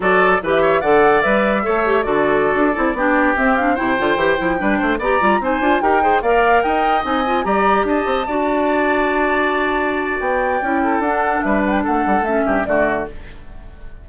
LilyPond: <<
  \new Staff \with { instrumentName = "flute" } { \time 4/4 \tempo 4 = 147 d''4 e'16 e''8. fis''4 e''4~ | e''4 d''2.~ | d''16 e''8 f''8 g''2~ g''8.~ | g''16 ais''4 gis''4 g''4 f''8.~ |
f''16 g''4 gis''4 ais''4 a''8.~ | a''1~ | a''4 g''2 fis''4 | e''8 fis''16 g''16 fis''4 e''4 d''4 | }
  \new Staff \with { instrumentName = "oboe" } { \time 4/4 a'4 b'8 cis''8 d''2 | cis''4 a'2~ a'16 g'8.~ | g'4~ g'16 c''2 b'8 c''16~ | c''16 d''4 c''4 ais'8 c''8 d''8.~ |
d''16 dis''2 d''4 dis''8.~ | dis''16 d''2.~ d''8.~ | d''2~ d''8 a'4. | b'4 a'4. g'8 fis'4 | }
  \new Staff \with { instrumentName = "clarinet" } { \time 4/4 fis'4 g'4 a'4 b'4 | a'8 g'8 fis'4.~ fis'16 e'8 d'8.~ | d'16 c'8 d'8 e'8 f'8 g'8 e'8 d'8.~ | d'16 g'8 f'8 dis'8 f'8 g'8 gis'8 ais'8.~ |
ais'4~ ais'16 dis'8 f'8 g'4.~ g'16~ | g'16 fis'2.~ fis'8.~ | fis'2 e'4 d'4~ | d'2 cis'4 a4 | }
  \new Staff \with { instrumentName = "bassoon" } { \time 4/4 fis4 e4 d4 g4 | a4 d4~ d16 d'8 c'8 b8.~ | b16 c'4 c8 d8 e8 f8 g8 a16~ | a16 b8 g8 c'8 d'8 dis'4 ais8.~ |
ais16 dis'4 c'4 g4 d'8 c'16~ | c'16 d'2.~ d'8.~ | d'4 b4 cis'4 d'4 | g4 a8 g8 a8 g,8 d4 | }
>>